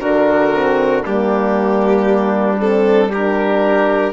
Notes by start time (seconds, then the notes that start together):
0.00 D3 D4 F#4 A#4
0.54 C4
1.03 G3 A#3 D4 G4
2.59 C4 A4
3.10 D4 G4 A#4